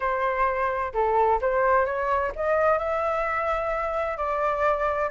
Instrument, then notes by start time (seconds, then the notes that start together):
flute
0.00 C5
0.93 A4
1.41 C5
1.85 C#5
2.35 D#5
2.78 E5
4.17 D5